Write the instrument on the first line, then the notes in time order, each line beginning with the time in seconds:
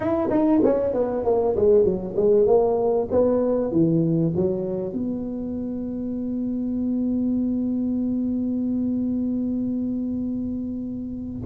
tuba
0.00 E4
0.30 D#4
0.64 C#4
0.93 B3
1.24 A#3
1.56 G#3
1.84 F#3
2.16 G#3
2.46 A#3
3.11 B3
3.71 E3
4.36 F#3
4.92 B3